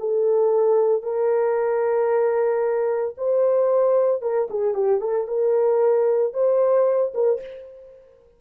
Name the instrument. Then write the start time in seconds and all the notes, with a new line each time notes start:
horn
0.00 A4
1.03 A#4
3.18 C5
4.22 A#4
4.51 G#4
4.75 G4
5.01 A4
5.28 A#4
6.34 C5
7.14 A#4